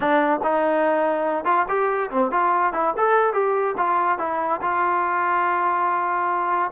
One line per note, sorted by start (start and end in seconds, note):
0.00 0.40 D4
0.43 1.45 D#4
1.45 1.66 F4
1.68 2.10 G4
2.10 2.31 C4
2.31 2.73 F4
2.73 2.94 E4
2.97 3.33 A4
3.33 3.75 G4
3.77 4.18 F4
4.18 4.60 E4
4.61 6.71 F4